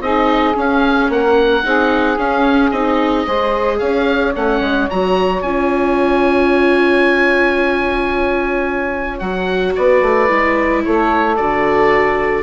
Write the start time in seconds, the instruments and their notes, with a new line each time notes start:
0.00 bassoon C4, viola D#4, saxophone G#4, oboe D#5
0.54 viola C#4, bassoon C#4, oboe F5
1.09 bassoon A#3, saxophone A#4, oboe F#5
1.63 bassoon C4, viola D#4, saxophone G#4
2.17 viola C#4, bassoon C#4, oboe F5
2.70 bassoon C4, viola D#4, oboe D#5
3.26 bassoon G#3, viola G#4, saxophone C5
3.77 bassoon C#4, saxophone C#5, oboe F5
4.35 bassoon A3, viola C#4, oboe F#5
4.60 bassoon G#3
4.89 bassoon F#3, viola F#4, oboe A#5
5.41 bassoon C#4, viola F4, oboe G#5
9.19 bassoon F#3, viola F#4, oboe F#5
9.75 bassoon B3, saxophone B4, oboe D5
10.01 bassoon A3
10.28 bassoon G#3, viola E4
10.84 bassoon A3, saxophone A4, oboe C#5
11.36 bassoon D3, viola F#4, oboe D5